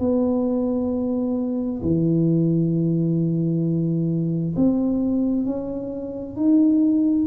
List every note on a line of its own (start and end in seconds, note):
0.00 1.82 B3
1.83 4.55 E3
4.57 5.46 C4
5.46 6.37 C#4
6.37 7.28 D#4